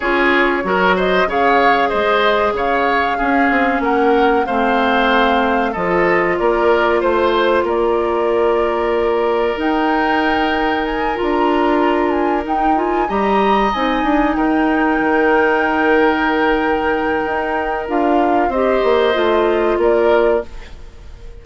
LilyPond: <<
  \new Staff \with { instrumentName = "flute" } { \time 4/4 \tempo 4 = 94 cis''4. dis''8 f''4 dis''4 | f''2 fis''4 f''4~ | f''4 dis''4 d''4 c''4 | d''2. g''4~ |
g''4 gis''8 ais''4. gis''8 g''8 | gis''8 ais''4 gis''4 g''4.~ | g''1 | f''4 dis''2 d''4 | }
  \new Staff \with { instrumentName = "oboe" } { \time 4/4 gis'4 ais'8 c''8 cis''4 c''4 | cis''4 gis'4 ais'4 c''4~ | c''4 a'4 ais'4 c''4 | ais'1~ |
ais'1~ | ais'8 dis''2 ais'4.~ | ais'1~ | ais'4 c''2 ais'4 | }
  \new Staff \with { instrumentName = "clarinet" } { \time 4/4 f'4 fis'4 gis'2~ | gis'4 cis'2 c'4~ | c'4 f'2.~ | f'2. dis'4~ |
dis'4. f'2 dis'8 | f'8 g'4 dis'2~ dis'8~ | dis'1 | f'4 g'4 f'2 | }
  \new Staff \with { instrumentName = "bassoon" } { \time 4/4 cis'4 fis4 cis4 gis4 | cis4 cis'8 c'8 ais4 a4~ | a4 f4 ais4 a4 | ais2. dis'4~ |
dis'4. d'2 dis'8~ | dis'8 g4 c'8 d'8 dis'4 dis8~ | dis2. dis'4 | d'4 c'8 ais8 a4 ais4 | }
>>